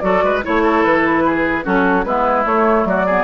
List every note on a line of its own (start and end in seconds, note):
0.00 0.23 F#3
0.00 0.42 F#4
0.00 0.24 A4
0.00 0.41 D5
0.23 0.44 G#3
0.23 0.45 B4
0.44 0.84 A3
0.44 1.64 E4
0.44 0.62 C#5
0.44 0.84 C#5
0.62 1.23 A4
0.84 1.66 E3
0.84 1.65 B4
1.26 1.64 G#4
1.64 2.05 F#3
1.64 2.04 C#4
1.64 2.05 F#4
1.64 2.04 A4
2.04 2.45 G#3
2.04 2.45 B3
2.04 2.88 E4
2.04 2.45 B4
2.45 3.06 A3
2.45 2.85 A3
2.45 2.86 C#5
2.85 3.24 F#3
2.85 3.06 F#4
2.85 3.24 D5
3.06 3.24 B3
3.06 3.24 G#4